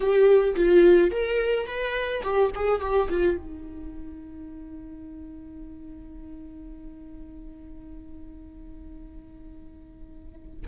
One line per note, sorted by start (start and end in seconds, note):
0.00 0.55 G4
0.55 1.11 F4
1.11 1.66 A#4
1.66 2.22 B4
2.23 2.51 G4
2.55 2.80 G#4
2.80 3.08 G4
3.09 3.37 F4
3.37 10.66 D#4